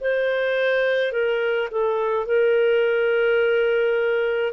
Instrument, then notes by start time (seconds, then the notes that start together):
clarinet
0.00 C5
1.12 A#4
1.71 A4
2.26 A#4